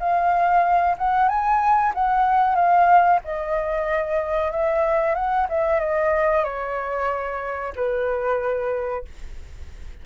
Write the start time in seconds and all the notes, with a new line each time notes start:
0.00 F5
0.99 F#5
1.29 G#5
1.95 F#5
2.55 F5
3.25 D#5
4.52 E5
5.15 F#5
5.49 E5
5.80 D#5
6.44 C#5
7.76 B4